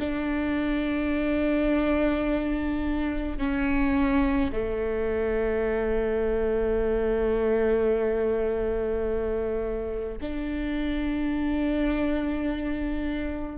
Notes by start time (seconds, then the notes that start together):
0.00 D4
3.38 C#4
4.52 A3
10.21 D4